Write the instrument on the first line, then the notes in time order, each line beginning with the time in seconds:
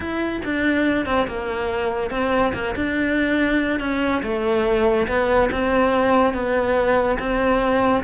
cello
0.00 E4
0.44 D4
1.05 C4
1.27 A#3
2.10 C4
2.53 A#3
2.75 D4
3.79 C#4
4.22 A3
5.07 B3
5.51 C4
6.33 B3
7.19 C4